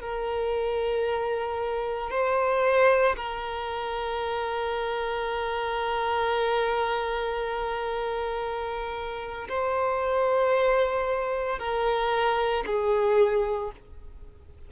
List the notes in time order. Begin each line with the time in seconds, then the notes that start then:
0.00 A#4
2.10 C5
3.16 A#4
9.48 C5
11.58 A#4
12.66 G#4